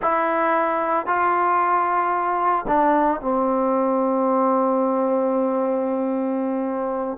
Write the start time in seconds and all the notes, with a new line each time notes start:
0.01 E4
1.06 F4
2.67 D4
3.21 C4